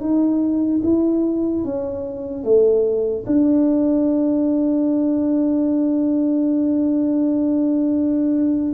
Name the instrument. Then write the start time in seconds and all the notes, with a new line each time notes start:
tuba
0.00 D#4
0.83 E4
1.64 C#4
2.43 A3
3.26 D4